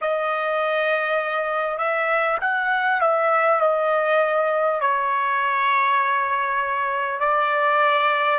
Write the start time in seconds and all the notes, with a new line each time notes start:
0.01 D#5
1.78 E5
2.40 F#5
3.01 E5
3.61 D#5
4.81 C#5
7.19 D5